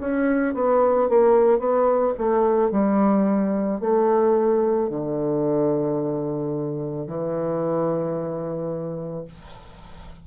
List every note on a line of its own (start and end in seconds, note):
0.00 0.54 C#4
0.54 1.09 B3
1.09 1.59 A#3
1.59 2.13 B3
2.18 2.71 A3
2.71 3.80 G3
3.80 4.89 A3
4.89 7.07 D3
7.07 9.25 E3